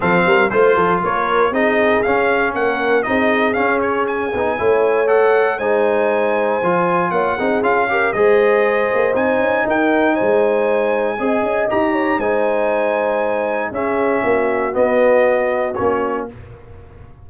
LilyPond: <<
  \new Staff \with { instrumentName = "trumpet" } { \time 4/4 \tempo 4 = 118 f''4 c''4 cis''4 dis''4 | f''4 fis''4 dis''4 f''8 cis''8 | gis''2 fis''4 gis''4~ | gis''2 fis''4 f''4 |
dis''2 gis''4 g''4 | gis''2. ais''4 | gis''2. e''4~ | e''4 dis''2 cis''4 | }
  \new Staff \with { instrumentName = "horn" } { \time 4/4 a'8 ais'8 c''8 a'8 ais'4 gis'4~ | gis'4 ais'4 gis'2~ | gis'4 cis''2 c''4~ | c''2 cis''8 gis'4 ais'8 |
c''2. ais'4 | c''2 dis''4. cis''8 | c''2. gis'4 | fis'1 | }
  \new Staff \with { instrumentName = "trombone" } { \time 4/4 c'4 f'2 dis'4 | cis'2 dis'4 cis'4~ | cis'8 dis'8 e'4 a'4 dis'4~ | dis'4 f'4. dis'8 f'8 g'8 |
gis'2 dis'2~ | dis'2 gis'4 g'4 | dis'2. cis'4~ | cis'4 b2 cis'4 | }
  \new Staff \with { instrumentName = "tuba" } { \time 4/4 f8 g8 a8 f8 ais4 c'4 | cis'4 ais4 c'4 cis'4~ | cis'8 b8 a2 gis4~ | gis4 f4 ais8 c'8 cis'4 |
gis4. ais8 c'8 cis'8 dis'4 | gis2 c'8 cis'8 dis'4 | gis2. cis'4 | ais4 b2 ais4 | }
>>